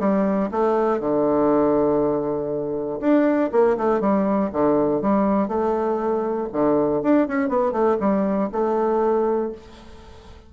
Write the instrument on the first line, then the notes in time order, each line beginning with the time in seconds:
bassoon
0.00 G3
0.52 A3
1.01 D3
3.01 D4
3.52 A#3
3.77 A3
4.01 G3
4.53 D3
5.02 G3
5.48 A3
6.53 D3
7.03 D4
7.28 C#4
7.49 B3
7.73 A3
8.01 G3
8.52 A3